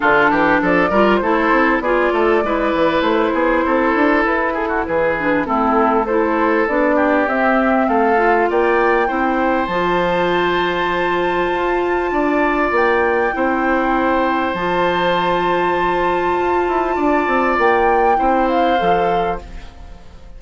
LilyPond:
<<
  \new Staff \with { instrumentName = "flute" } { \time 4/4 \tempo 4 = 99 a'4 d''4 c''4 d''4~ | d''4 c''2 b'8 a'8 | b'4 a'4 c''4 d''4 | e''4 f''4 g''2 |
a''1~ | a''4 g''2. | a''1~ | a''4 g''4. f''4. | }
  \new Staff \with { instrumentName = "oboe" } { \time 4/4 f'8 g'8 a'8 ais'8 a'4 gis'8 a'8 | b'4. gis'8 a'4. gis'16 fis'16 | gis'4 e'4 a'4. g'8~ | g'4 a'4 d''4 c''4~ |
c''1 | d''2 c''2~ | c''1 | d''2 c''2 | }
  \new Staff \with { instrumentName = "clarinet" } { \time 4/4 d'4. f'8 e'4 f'4 | e'1~ | e'8 d'8 c'4 e'4 d'4 | c'4. f'4. e'4 |
f'1~ | f'2 e'2 | f'1~ | f'2 e'4 a'4 | }
  \new Staff \with { instrumentName = "bassoon" } { \time 4/4 d8 e8 f8 g8 a8 c'8 b8 a8 | gis8 e8 a8 b8 c'8 d'8 e'4 | e4 a2 b4 | c'4 a4 ais4 c'4 |
f2. f'4 | d'4 ais4 c'2 | f2. f'8 e'8 | d'8 c'8 ais4 c'4 f4 | }
>>